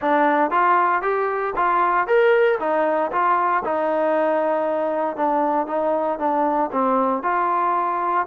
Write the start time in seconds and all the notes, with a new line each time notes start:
0.01 D4
0.51 F4
1.02 G4
1.56 F4
2.07 A#4
2.59 D#4
3.11 F4
3.64 D#4
5.16 D4
5.67 D#4
6.18 D4
6.71 C4
7.22 F4